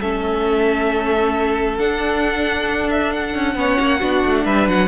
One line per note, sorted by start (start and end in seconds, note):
0.00 1.79 A3
0.00 1.79 C#4
0.00 3.56 A4
0.00 1.79 E5
1.79 3.55 D4
1.79 3.35 D4
1.79 2.90 F#5
2.91 3.13 E5
3.13 4.46 F#5
3.35 3.56 C#4
3.55 3.78 B3
3.55 4.00 C#4
3.55 4.00 C#5
3.80 4.02 A#3
4.00 4.24 B3
4.00 4.88 D4
4.00 4.44 F#4
4.25 4.46 A3
4.45 4.68 G3
4.45 4.88 B4
4.45 4.68 E5
4.68 4.88 F#3
4.68 4.88 F#5